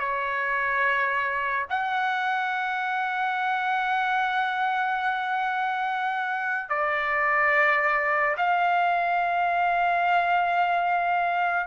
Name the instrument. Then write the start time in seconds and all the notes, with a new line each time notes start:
trumpet
0.00 C#5
1.70 F#5
6.69 D5
8.37 F5